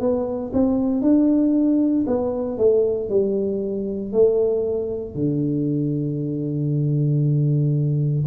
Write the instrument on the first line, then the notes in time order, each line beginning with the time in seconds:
tuba
0.00 B3
0.53 C4
1.02 D4
2.07 B3
2.58 A3
3.09 G3
4.12 A3
5.15 D3